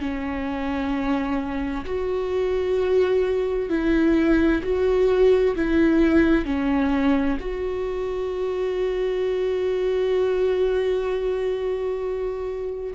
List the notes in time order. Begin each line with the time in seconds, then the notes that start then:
0.00 C#4
1.85 F#4
3.69 E4
4.63 F#4
5.55 E4
6.45 C#4
7.40 F#4